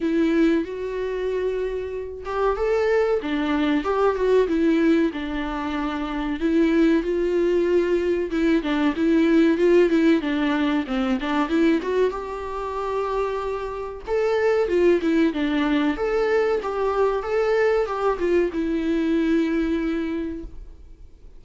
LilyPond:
\new Staff \with { instrumentName = "viola" } { \time 4/4 \tempo 4 = 94 e'4 fis'2~ fis'8 g'8 | a'4 d'4 g'8 fis'8 e'4 | d'2 e'4 f'4~ | f'4 e'8 d'8 e'4 f'8 e'8 |
d'4 c'8 d'8 e'8 fis'8 g'4~ | g'2 a'4 f'8 e'8 | d'4 a'4 g'4 a'4 | g'8 f'8 e'2. | }